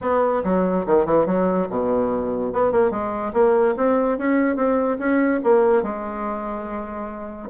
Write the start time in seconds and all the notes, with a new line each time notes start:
0.01 B3
0.44 F#3
0.86 D#3
1.05 E3
1.26 F#3
1.69 B2
2.52 B3
2.72 A#3
2.90 G#3
3.33 A#3
3.77 C4
4.18 C#4
4.56 C4
4.98 C#4
5.43 A#3
5.82 G#3